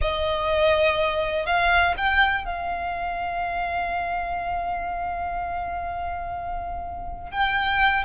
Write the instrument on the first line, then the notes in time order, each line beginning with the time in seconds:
violin
0.01 D#5
1.46 F5
1.97 G5
2.44 F5
7.31 G5